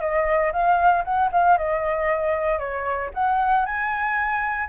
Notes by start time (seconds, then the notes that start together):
0.00 D#5
0.52 F5
1.04 F#5
1.32 F5
1.58 D#5
2.59 C#5
3.14 F#5
3.65 G#5